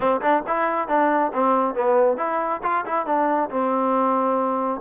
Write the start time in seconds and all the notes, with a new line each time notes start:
0.00 C4
0.21 D4
0.47 E4
0.88 D4
1.33 C4
1.74 B3
2.17 E4
2.63 F4
2.85 E4
3.06 D4
3.50 C4